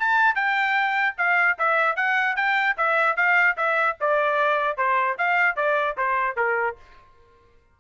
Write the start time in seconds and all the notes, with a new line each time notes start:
0.00 A5
0.36 G5
1.18 F5
1.59 E5
1.97 F#5
2.36 G5
2.78 E5
3.17 F5
3.57 E5
4.01 D5
4.78 C5
5.19 F5
5.56 D5
5.98 C5
6.37 A#4